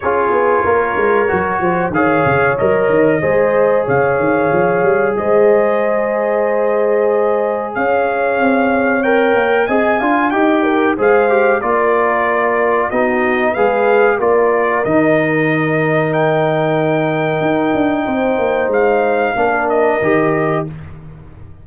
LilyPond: <<
  \new Staff \with { instrumentName = "trumpet" } { \time 4/4 \tempo 4 = 93 cis''2. f''4 | dis''2 f''2 | dis''1 | f''2 g''4 gis''4 |
g''4 f''4 d''2 | dis''4 f''4 d''4 dis''4~ | dis''4 g''2.~ | g''4 f''4. dis''4. | }
  \new Staff \with { instrumentName = "horn" } { \time 4/4 gis'4 ais'4. c''8 cis''4~ | cis''4 c''4 cis''2 | c''1 | cis''2. dis''8 f''8 |
dis''8 ais'8 c''4 ais'2 | fis'4 b'4 ais'2~ | ais'1 | c''2 ais'2 | }
  \new Staff \with { instrumentName = "trombone" } { \time 4/4 f'2 fis'4 gis'4 | ais'4 gis'2.~ | gis'1~ | gis'2 ais'4 gis'8 f'8 |
g'4 gis'8 g'8 f'2 | dis'4 gis'4 f'4 dis'4~ | dis'1~ | dis'2 d'4 g'4 | }
  \new Staff \with { instrumentName = "tuba" } { \time 4/4 cis'8 b8 ais8 gis8 fis8 f8 dis8 cis8 | fis8 dis8 gis4 cis8 dis8 f8 g8 | gis1 | cis'4 c'4. ais8 c'8 d'8 |
dis'4 gis4 ais2 | b4 gis4 ais4 dis4~ | dis2. dis'8 d'8 | c'8 ais8 gis4 ais4 dis4 | }
>>